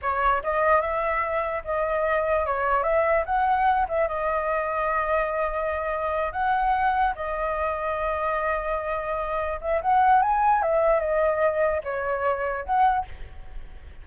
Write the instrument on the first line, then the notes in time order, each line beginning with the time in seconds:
flute
0.01 C#5
0.43 D#5
0.81 E5
1.64 D#5
2.46 C#5
2.83 E5
3.25 F#5
3.88 E5
4.07 D#5
6.32 F#5
7.15 D#5
9.60 E5
9.81 F#5
10.22 G#5
10.62 E5
11.00 D#5
11.83 C#5
12.65 F#5